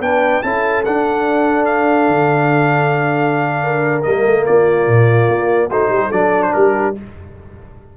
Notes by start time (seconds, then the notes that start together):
0.00 B3 D4 B4 G5
0.42 C#4 E4 A4 A5
0.85 D4 F#5
1.65 F5
2.08 D3
3.63 A#4
4.03 G3 A#3 D#5
4.26 A3
4.46 A#3 F4 D5
4.87 A#2
5.28 A#3
5.69 A3 D#4 F#4 C5
5.89 G3 G4
6.07 F#3 D4 A4 D5
6.42 C5
6.53 G3 G4 A#4